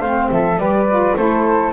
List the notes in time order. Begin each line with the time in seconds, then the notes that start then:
0.00 A3 C4 C5 F5
0.31 F3 A4 E5
0.57 G3 G4 B4 D5
0.90 F4
1.16 A3 E4 A4 C5